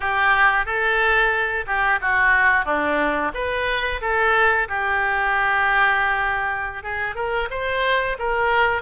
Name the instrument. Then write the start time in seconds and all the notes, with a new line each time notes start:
oboe
0.00 G4
0.65 A4
1.66 G4
2.01 F#4
2.65 D4
3.34 B4
4.01 A4
4.68 G4
6.83 G#4
7.15 A#4
7.50 C5
8.18 A#4